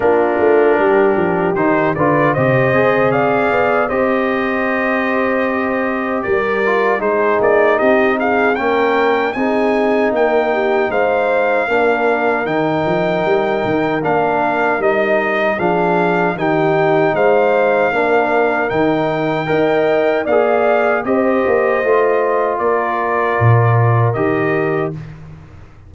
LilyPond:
<<
  \new Staff \with { instrumentName = "trumpet" } { \time 4/4 \tempo 4 = 77 ais'2 c''8 d''8 dis''4 | f''4 dis''2. | d''4 c''8 d''8 dis''8 f''8 g''4 | gis''4 g''4 f''2 |
g''2 f''4 dis''4 | f''4 g''4 f''2 | g''2 f''4 dis''4~ | dis''4 d''2 dis''4 | }
  \new Staff \with { instrumentName = "horn" } { \time 4/4 f'4 g'4. b'8 c''4 | d''4 c''2. | ais'4 gis'4 g'8 gis'8 ais'4 | gis'4 ais'8 g'8 c''4 ais'4~ |
ais'1 | gis'4 g'4 c''4 ais'4~ | ais'4 dis''4 d''4 c''4~ | c''4 ais'2. | }
  \new Staff \with { instrumentName = "trombone" } { \time 4/4 d'2 dis'8 f'8 g'8 gis'8~ | gis'4 g'2.~ | g'8 f'8 dis'2 cis'4 | dis'2. d'4 |
dis'2 d'4 dis'4 | d'4 dis'2 d'4 | dis'4 ais'4 gis'4 g'4 | f'2. g'4 | }
  \new Staff \with { instrumentName = "tuba" } { \time 4/4 ais8 a8 g8 f8 dis8 d8 c8 c'8~ | c'8 b8 c'2. | g4 gis8 ais8 c'4 ais4 | c'4 ais4 gis4 ais4 |
dis8 f8 g8 dis8 ais4 g4 | f4 dis4 gis4 ais4 | dis4 dis'4 ais4 c'8 ais8 | a4 ais4 ais,4 dis4 | }
>>